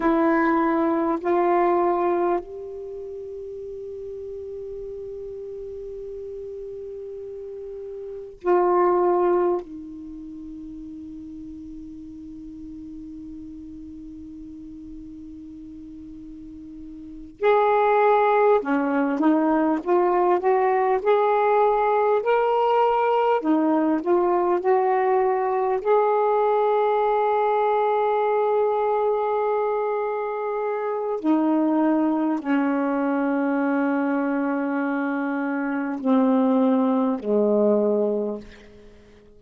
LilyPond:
\new Staff \with { instrumentName = "saxophone" } { \time 4/4 \tempo 4 = 50 e'4 f'4 g'2~ | g'2. f'4 | dis'1~ | dis'2~ dis'8 gis'4 cis'8 |
dis'8 f'8 fis'8 gis'4 ais'4 dis'8 | f'8 fis'4 gis'2~ gis'8~ | gis'2 dis'4 cis'4~ | cis'2 c'4 gis4 | }